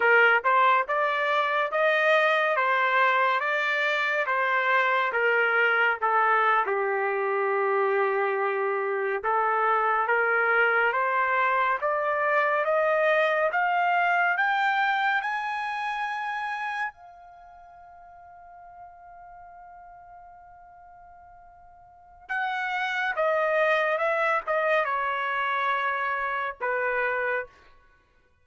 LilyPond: \new Staff \with { instrumentName = "trumpet" } { \time 4/4 \tempo 4 = 70 ais'8 c''8 d''4 dis''4 c''4 | d''4 c''4 ais'4 a'8. g'16~ | g'2~ g'8. a'4 ais'16~ | ais'8. c''4 d''4 dis''4 f''16~ |
f''8. g''4 gis''2 f''16~ | f''1~ | f''2 fis''4 dis''4 | e''8 dis''8 cis''2 b'4 | }